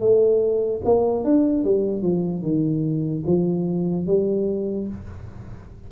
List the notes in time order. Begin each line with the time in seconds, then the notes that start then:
0.00 A3
0.84 A#3
1.24 D4
1.64 G3
2.02 F3
2.43 D#3
3.27 F3
4.07 G3